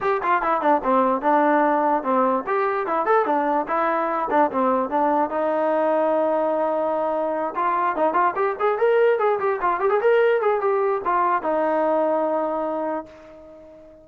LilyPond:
\new Staff \with { instrumentName = "trombone" } { \time 4/4 \tempo 4 = 147 g'8 f'8 e'8 d'8 c'4 d'4~ | d'4 c'4 g'4 e'8 a'8 | d'4 e'4. d'8 c'4 | d'4 dis'2.~ |
dis'2~ dis'8 f'4 dis'8 | f'8 g'8 gis'8 ais'4 gis'8 g'8 f'8 | g'16 gis'16 ais'4 gis'8 g'4 f'4 | dis'1 | }